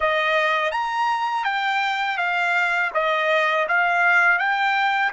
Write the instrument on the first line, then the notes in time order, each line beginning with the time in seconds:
trumpet
0.00 D#5
0.71 A#5
1.44 G5
2.17 F5
2.93 D#5
3.68 F5
4.39 G5